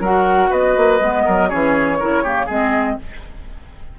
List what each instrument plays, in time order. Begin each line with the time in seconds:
0.00 bassoon F#3, clarinet F#4, oboe A#4, flute F#5
0.49 bassoon B3, oboe B4, flute D#5
0.77 bassoon A#3
1.00 bassoon G#3, clarinet B3
1.25 bassoon F#3, oboe A#4
1.49 bassoon E3, clarinet C#4, oboe G#4, flute C#5
1.99 bassoon C#3, clarinet E4, oboe A#4
2.23 clarinet A#3, oboe G4
2.46 bassoon G#3, clarinet C4, oboe G#4, flute D#5